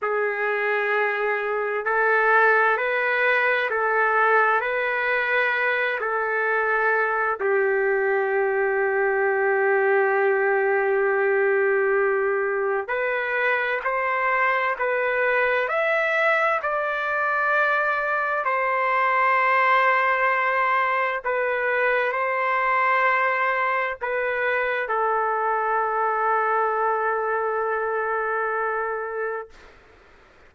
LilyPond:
\new Staff \with { instrumentName = "trumpet" } { \time 4/4 \tempo 4 = 65 gis'2 a'4 b'4 | a'4 b'4. a'4. | g'1~ | g'2 b'4 c''4 |
b'4 e''4 d''2 | c''2. b'4 | c''2 b'4 a'4~ | a'1 | }